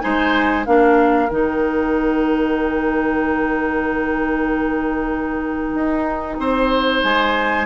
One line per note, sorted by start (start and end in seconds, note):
0.00 0.66 G#3
0.00 0.65 D#4
0.00 0.66 C5
0.00 0.64 G#5
0.65 1.30 A#3
0.65 1.29 D4
0.65 6.39 A#4
0.65 1.29 F5
1.29 5.74 D#3
1.29 7.66 D#4
1.29 7.03 G5
5.74 6.38 D#4
6.38 7.02 C4
6.38 7.66 C5
7.03 7.66 G#3
7.03 7.66 G#5